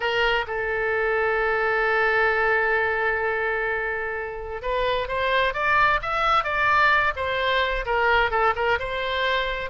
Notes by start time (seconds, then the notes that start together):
0.00 A#4
0.47 A4
4.62 B4
5.08 C5
5.53 D5
6.01 E5
6.43 D5
7.16 C5
7.85 A#4
8.31 A4
8.55 A#4
8.79 C5